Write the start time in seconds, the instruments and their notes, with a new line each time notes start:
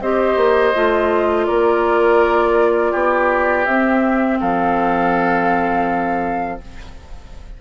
0.00 bassoon C4, clarinet G4, oboe C5, flute D#5
0.36 bassoon A#3
0.74 bassoon A3, clarinet F4
1.45 bassoon A#3, oboe A#4, flute D5
2.91 bassoon B3, oboe G4
3.65 bassoon C4, clarinet C4, flute E5
4.40 bassoon F3, oboe A4, flute F5